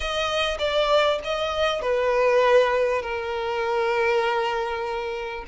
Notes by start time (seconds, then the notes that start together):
0.00 D#5
0.58 D5
1.24 D#5
1.81 B4
3.02 A#4